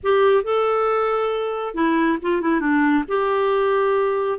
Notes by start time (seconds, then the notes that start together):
0.03 G4
0.43 A4
1.74 E4
2.22 F4
2.41 E4
2.60 D4
3.08 G4